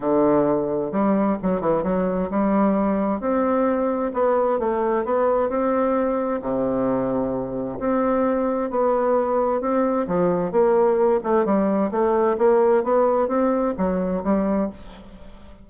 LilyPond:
\new Staff \with { instrumentName = "bassoon" } { \time 4/4 \tempo 4 = 131 d2 g4 fis8 e8 | fis4 g2 c'4~ | c'4 b4 a4 b4 | c'2 c2~ |
c4 c'2 b4~ | b4 c'4 f4 ais4~ | ais8 a8 g4 a4 ais4 | b4 c'4 fis4 g4 | }